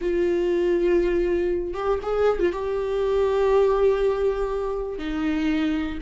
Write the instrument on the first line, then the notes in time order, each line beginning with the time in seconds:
viola
0.01 F4
1.74 G4
2.02 G#4
2.39 F4
2.52 G4
4.98 D#4